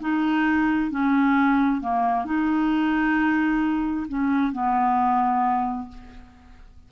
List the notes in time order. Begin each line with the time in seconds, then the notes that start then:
0.00 D#4
0.90 C#4
1.81 A#3
2.25 D#4
4.08 C#4
4.52 B3